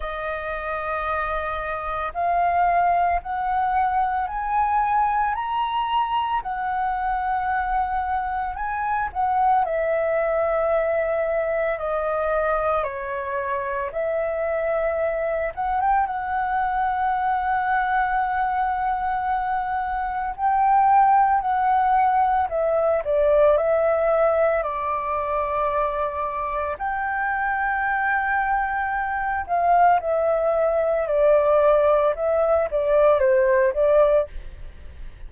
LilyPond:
\new Staff \with { instrumentName = "flute" } { \time 4/4 \tempo 4 = 56 dis''2 f''4 fis''4 | gis''4 ais''4 fis''2 | gis''8 fis''8 e''2 dis''4 | cis''4 e''4. fis''16 g''16 fis''4~ |
fis''2. g''4 | fis''4 e''8 d''8 e''4 d''4~ | d''4 g''2~ g''8 f''8 | e''4 d''4 e''8 d''8 c''8 d''8 | }